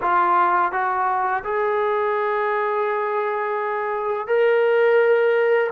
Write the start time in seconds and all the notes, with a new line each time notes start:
0.01 F4
0.71 F#4
1.44 G#4
4.27 A#4